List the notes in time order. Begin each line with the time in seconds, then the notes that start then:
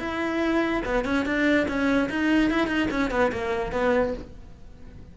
0.00 E4
0.86 B3
1.05 C#4
1.26 D4
1.68 C#4
2.10 D#4
2.51 E4
2.68 D#4
2.91 C#4
3.11 B3
3.32 A#3
3.72 B3